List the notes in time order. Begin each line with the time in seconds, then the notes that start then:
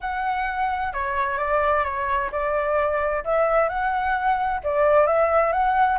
0.01 F#5
0.93 C#5
1.38 D5
1.84 C#5
2.31 D5
3.24 E5
3.69 F#5
4.63 D5
5.06 E5
5.52 F#5